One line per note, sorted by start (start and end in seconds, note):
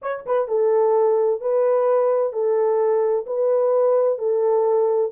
0.02 0.25 C#5
0.26 0.48 B4
0.48 1.40 A4
1.40 2.32 B4
2.32 3.25 A4
3.26 4.18 B4
4.18 5.11 A4